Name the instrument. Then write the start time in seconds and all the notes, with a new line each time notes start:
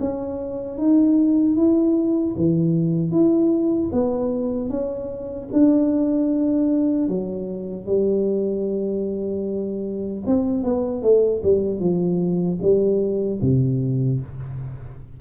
tuba
0.00 C#4
0.78 D#4
1.56 E4
2.37 E3
3.11 E4
3.93 B3
4.70 C#4
5.53 D4
7.09 F#3
7.87 G3
10.26 C4
10.64 B3
11.02 A3
11.43 G3
11.80 F3
12.62 G3
13.42 C3